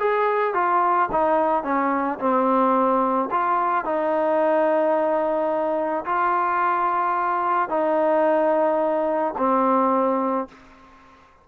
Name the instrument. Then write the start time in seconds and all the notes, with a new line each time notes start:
trombone
0.00 G#4
0.54 F4
1.12 D#4
1.64 C#4
2.19 C4
3.31 F4
3.85 D#4
6.05 F4
7.69 D#4
9.38 C4